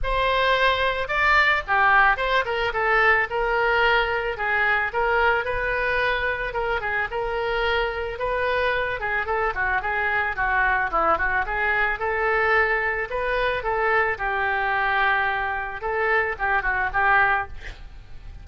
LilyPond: \new Staff \with { instrumentName = "oboe" } { \time 4/4 \tempo 4 = 110 c''2 d''4 g'4 | c''8 ais'8 a'4 ais'2 | gis'4 ais'4 b'2 | ais'8 gis'8 ais'2 b'4~ |
b'8 gis'8 a'8 fis'8 gis'4 fis'4 | e'8 fis'8 gis'4 a'2 | b'4 a'4 g'2~ | g'4 a'4 g'8 fis'8 g'4 | }